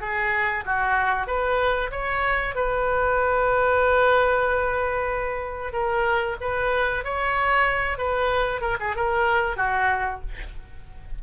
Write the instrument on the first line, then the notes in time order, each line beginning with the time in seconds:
oboe
0.00 G#4
0.65 F#4
1.26 B4
1.91 C#5
2.54 B4
5.72 A#4
6.40 B4
7.04 C#5
7.97 B4
8.61 A#4
8.79 G#4
8.95 A#4
9.56 F#4